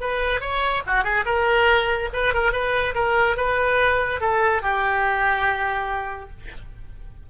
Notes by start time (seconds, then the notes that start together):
0.00 B4
0.40 C#5
0.87 F#4
1.04 G#4
1.25 A#4
2.13 B4
2.34 A#4
2.52 B4
2.94 A#4
3.37 B4
4.21 A4
4.62 G4